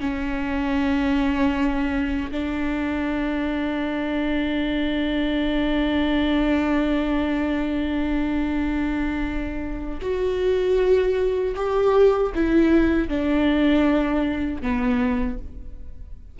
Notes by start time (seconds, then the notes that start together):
0.00 C#4
2.31 D4
10.01 F#4
11.55 G4
12.35 E4
13.08 D4
14.61 B3